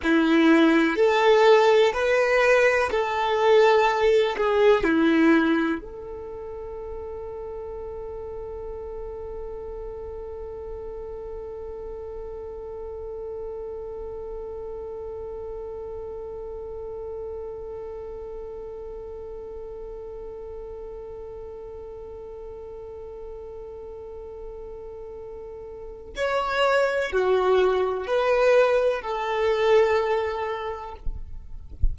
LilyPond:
\new Staff \with { instrumentName = "violin" } { \time 4/4 \tempo 4 = 62 e'4 a'4 b'4 a'4~ | a'8 gis'8 e'4 a'2~ | a'1~ | a'1~ |
a'1~ | a'1~ | a'2. cis''4 | fis'4 b'4 a'2 | }